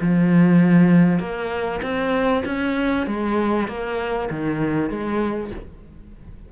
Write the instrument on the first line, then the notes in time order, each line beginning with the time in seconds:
cello
0.00 F3
1.19 A#3
1.82 C4
2.45 C#4
3.06 G#3
3.67 A#3
4.30 D#3
4.89 G#3